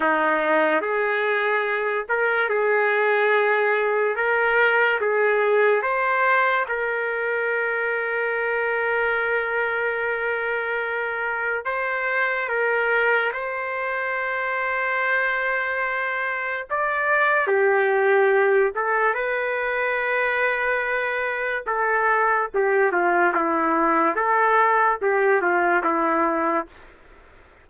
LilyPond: \new Staff \with { instrumentName = "trumpet" } { \time 4/4 \tempo 4 = 72 dis'4 gis'4. ais'8 gis'4~ | gis'4 ais'4 gis'4 c''4 | ais'1~ | ais'2 c''4 ais'4 |
c''1 | d''4 g'4. a'8 b'4~ | b'2 a'4 g'8 f'8 | e'4 a'4 g'8 f'8 e'4 | }